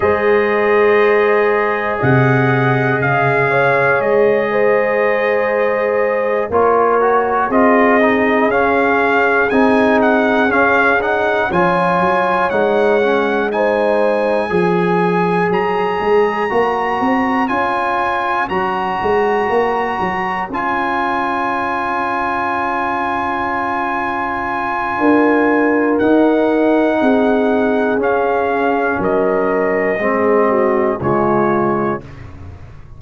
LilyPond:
<<
  \new Staff \with { instrumentName = "trumpet" } { \time 4/4 \tempo 4 = 60 dis''2 fis''4 f''4 | dis''2~ dis''8 cis''4 dis''8~ | dis''8 f''4 gis''8 fis''8 f''8 fis''8 gis''8~ | gis''8 fis''4 gis''2 ais''8~ |
ais''4. gis''4 ais''4.~ | ais''8 gis''2.~ gis''8~ | gis''2 fis''2 | f''4 dis''2 cis''4 | }
  \new Staff \with { instrumentName = "horn" } { \time 4/4 c''2 dis''4. cis''8~ | cis''8 c''2 ais'4 gis'8~ | gis'2.~ gis'8 cis''8~ | cis''4. c''4 cis''4.~ |
cis''1~ | cis''1~ | cis''4 ais'2 gis'4~ | gis'4 ais'4 gis'8 fis'8 f'4 | }
  \new Staff \with { instrumentName = "trombone" } { \time 4/4 gis'1~ | gis'2~ gis'8 f'8 fis'8 f'8 | dis'8 cis'4 dis'4 cis'8 dis'8 f'8~ | f'8 dis'8 cis'8 dis'4 gis'4.~ |
gis'8 fis'4 f'4 fis'4.~ | fis'8 f'2.~ f'8~ | f'2 dis'2 | cis'2 c'4 gis4 | }
  \new Staff \with { instrumentName = "tuba" } { \time 4/4 gis2 c4 cis4 | gis2~ gis8 ais4 c'8~ | c'8 cis'4 c'4 cis'4 f8 | fis8 gis2 f4 fis8 |
gis8 ais8 c'8 cis'4 fis8 gis8 ais8 | fis8 cis'2.~ cis'8~ | cis'4 d'4 dis'4 c'4 | cis'4 fis4 gis4 cis4 | }
>>